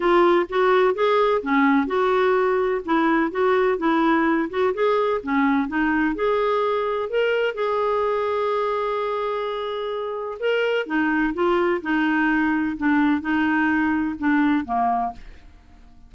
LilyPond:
\new Staff \with { instrumentName = "clarinet" } { \time 4/4 \tempo 4 = 127 f'4 fis'4 gis'4 cis'4 | fis'2 e'4 fis'4 | e'4. fis'8 gis'4 cis'4 | dis'4 gis'2 ais'4 |
gis'1~ | gis'2 ais'4 dis'4 | f'4 dis'2 d'4 | dis'2 d'4 ais4 | }